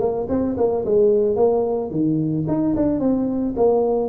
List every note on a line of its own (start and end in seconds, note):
0.00 0.27 A#3
0.29 0.56 C4
0.58 0.85 A#3
0.85 1.36 G#3
1.36 1.91 A#3
1.91 2.45 D#3
2.48 2.75 D#4
2.76 3.00 D4
3.00 3.55 C4
3.57 4.10 A#3